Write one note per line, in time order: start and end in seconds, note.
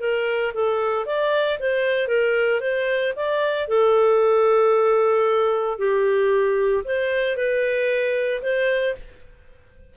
0.00 0.53 A#4
0.54 1.06 A4
1.06 1.58 D5
1.59 2.08 C5
2.08 2.60 A#4
2.60 3.13 C5
3.16 3.68 D5
3.68 5.78 A4
5.78 6.84 G4
6.84 7.36 C5
7.36 8.41 B4
8.42 8.95 C5